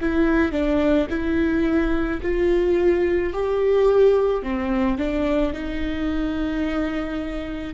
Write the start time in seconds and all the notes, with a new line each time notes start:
0.00 E4
0.52 D4
1.09 E4
2.22 F4
3.33 G4
4.42 C4
4.97 D4
5.53 D#4